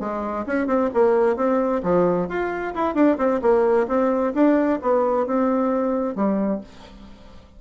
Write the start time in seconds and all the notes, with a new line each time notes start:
0.00 G#3
0.46 C#4
0.67 C4
0.94 A#3
1.36 C4
1.83 F3
2.29 F4
2.75 E4
2.95 D4
3.18 C4
3.42 A#3
3.88 C4
4.34 D4
4.82 B3
5.27 C4
6.15 G3